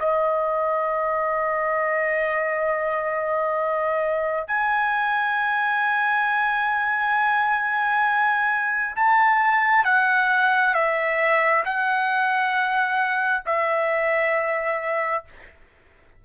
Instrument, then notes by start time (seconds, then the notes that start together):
trumpet
0.00 D#5
4.48 G#5
8.96 A5
9.85 F#5
10.74 E5
11.65 F#5
13.46 E5